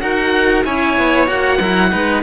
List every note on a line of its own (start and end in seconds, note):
0.00 0.65 D#4
0.00 0.64 F#4
0.00 0.64 A#4
0.00 0.64 F#5
0.64 0.97 C#4
0.64 1.27 E4
0.64 1.58 C#5
0.64 1.29 G#5
0.97 1.28 B3
1.27 1.60 A#3
1.27 1.59 F#4
1.27 2.22 F#5
1.58 1.92 F#3
1.58 1.91 E4
1.58 1.90 A#4
1.91 2.22 G#3
1.91 2.22 D#4
1.91 2.22 B4